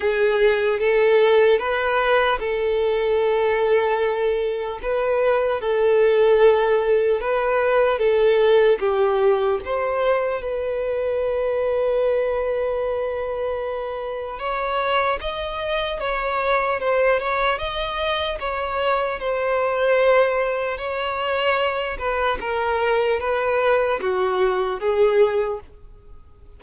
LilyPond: \new Staff \with { instrumentName = "violin" } { \time 4/4 \tempo 4 = 75 gis'4 a'4 b'4 a'4~ | a'2 b'4 a'4~ | a'4 b'4 a'4 g'4 | c''4 b'2.~ |
b'2 cis''4 dis''4 | cis''4 c''8 cis''8 dis''4 cis''4 | c''2 cis''4. b'8 | ais'4 b'4 fis'4 gis'4 | }